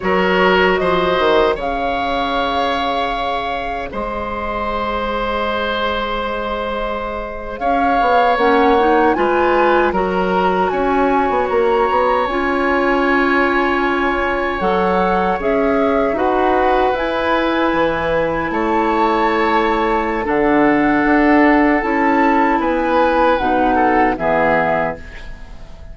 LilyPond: <<
  \new Staff \with { instrumentName = "flute" } { \time 4/4 \tempo 4 = 77 cis''4 dis''4 f''2~ | f''4 dis''2.~ | dis''4.~ dis''16 f''4 fis''4 gis''16~ | gis''8. ais''4 gis''4 ais''4 gis''16~ |
gis''2~ gis''8. fis''4 e''16~ | e''8. fis''4 gis''2 a''16~ | a''2 fis''2 | a''4 gis''4 fis''4 e''4 | }
  \new Staff \with { instrumentName = "oboe" } { \time 4/4 ais'4 c''4 cis''2~ | cis''4 c''2.~ | c''4.~ c''16 cis''2 b'16~ | b'8. ais'4 cis''2~ cis''16~ |
cis''1~ | cis''8. b'2. cis''16~ | cis''2 a'2~ | a'4 b'4. a'8 gis'4 | }
  \new Staff \with { instrumentName = "clarinet" } { \time 4/4 fis'2 gis'2~ | gis'1~ | gis'2~ gis'8. cis'8 dis'8 f'16~ | f'8. fis'2. f'16~ |
f'2~ f'8. a'4 gis'16~ | gis'8. fis'4 e'2~ e'16~ | e'2 d'2 | e'2 dis'4 b4 | }
  \new Staff \with { instrumentName = "bassoon" } { \time 4/4 fis4 f8 dis8 cis2~ | cis4 gis2.~ | gis4.~ gis16 cis'8 b8 ais4 gis16~ | gis8. fis4 cis'8. b16 ais8 b8 cis'16~ |
cis'2~ cis'8. fis4 cis'16~ | cis'8. dis'4 e'4 e4 a16~ | a2 d4 d'4 | cis'4 b4 b,4 e4 | }
>>